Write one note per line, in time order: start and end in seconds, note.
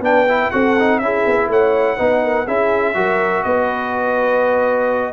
0.00 0.49 B3
0.00 0.27 D4
0.00 0.52 B4
0.00 0.50 G5
0.28 0.52 E4
0.50 1.00 C4
0.50 0.76 F#4
0.50 1.01 A4
0.50 0.99 F#5
0.79 1.02 D#4
0.99 1.25 C#4
0.99 1.97 E4
0.99 1.49 G#4
0.99 1.47 E5
1.26 1.48 B3
1.48 1.97 A3
1.48 1.97 C#5
1.48 2.47 F#5
1.97 2.47 B3
1.97 2.46 D#4
1.97 2.21 B4
2.23 2.46 A#4
2.46 2.95 C#4
2.46 2.94 E4
2.46 2.94 G#4
2.46 3.43 E5
2.94 3.44 F#3
2.94 5.13 F#4
2.94 3.45 A#4
3.43 5.13 B3
3.43 5.13 B4
3.43 5.13 D#5